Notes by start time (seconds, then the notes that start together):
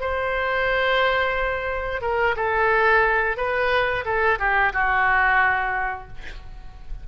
0.00 C5
2.01 A#4
2.36 A4
3.37 B4
4.05 A4
4.39 G4
4.73 F#4